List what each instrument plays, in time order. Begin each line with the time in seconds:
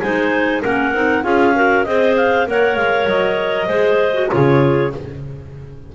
0.00 double bass G#3, clarinet D#4 C5 G#5
0.62 double bass A#3, clarinet C#4 A#4 F#5
0.94 double bass C4, clarinet D#4
1.23 double bass C#4, clarinet F4 G#4 F5
1.55 clarinet F#4 A#4
1.84 double bass C4, clarinet G#4 C5 D#5
2.17 clarinet F5
2.46 double bass A#3, clarinet A#4 C#5 F#5
2.76 double bass G#3, clarinet F5
3.07 double bass F#3, clarinet D#5
3.67 double bass G#3, clarinet G#4 C5
4.14 clarinet F#4
4.29 double bass C#3, clarinet F4 G#4 C#5